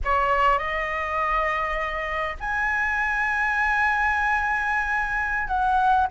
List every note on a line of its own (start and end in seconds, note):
0.04 0.58 C#5
0.58 2.36 D#5
2.40 5.47 G#5
5.47 6.07 F#5